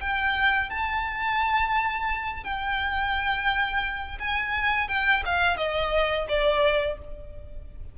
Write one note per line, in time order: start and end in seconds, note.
0.00 0.70 G5
0.70 2.44 A5
2.44 4.18 G5
4.19 4.88 G#5
4.88 5.23 G5
5.25 5.57 F5
5.57 6.26 D#5
6.28 6.98 D5